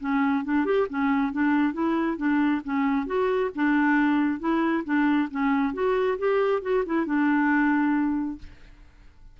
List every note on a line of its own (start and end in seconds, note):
0.00 0.44 C#4
0.44 0.65 D4
0.65 0.87 G4
0.89 1.32 C#4
1.32 1.73 D4
1.73 2.17 E4
2.17 2.61 D4
2.64 3.06 C#4
3.06 3.50 F#4
3.55 4.39 D4
4.39 4.83 E4
4.84 5.29 D4
5.30 5.74 C#4
5.74 6.18 F#4
6.18 6.62 G4
6.62 6.84 F#4
6.86 7.06 E4
7.06 8.38 D4